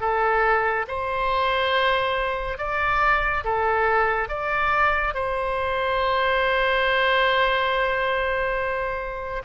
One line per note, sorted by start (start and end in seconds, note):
0.00 0.86 A4
0.88 2.58 C5
2.58 3.44 D5
3.44 4.28 A4
4.28 5.14 D5
5.14 9.42 C5